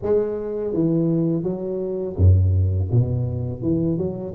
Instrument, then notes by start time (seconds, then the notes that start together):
tuba
0.02 G#3
0.73 E3
1.43 F#3
2.17 F#2
2.91 B2
3.61 E3
3.97 F#3